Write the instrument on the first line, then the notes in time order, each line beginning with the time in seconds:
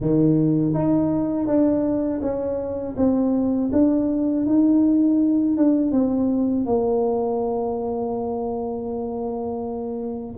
tuba
0.00 D#3
0.73 D#4
1.46 D4
2.21 C#4
2.96 C4
3.72 D4
4.45 D#4
5.57 D4
5.91 C4
6.65 A#3